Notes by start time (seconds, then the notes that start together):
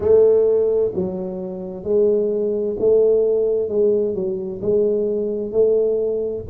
0.00 A3
0.94 F#3
1.83 G#3
2.79 A3
3.68 G#3
4.14 F#3
4.62 G#3
5.51 A3